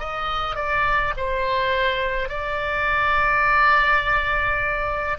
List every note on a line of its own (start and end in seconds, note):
0.00 0.56 D#5
0.56 1.13 D5
1.17 2.29 C5
2.29 5.18 D5